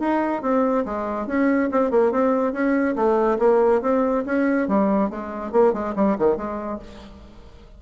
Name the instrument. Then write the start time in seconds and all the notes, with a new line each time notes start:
bassoon
0.00 D#4
0.43 C4
0.86 G#3
1.27 C#4
1.72 C4
1.91 A#3
2.12 C4
2.53 C#4
2.96 A3
3.39 A#3
3.82 C4
4.26 C#4
4.68 G3
5.10 G#3
5.53 A#3
5.73 G#3
5.96 G3
6.19 D#3
6.37 G#3